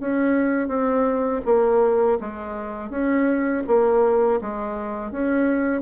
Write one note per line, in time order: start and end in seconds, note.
0.00 0.68 C#4
0.68 1.41 C4
1.45 2.19 A#3
2.21 2.90 G#3
2.90 3.64 C#4
3.67 4.40 A#3
4.41 5.12 G#3
5.12 5.82 C#4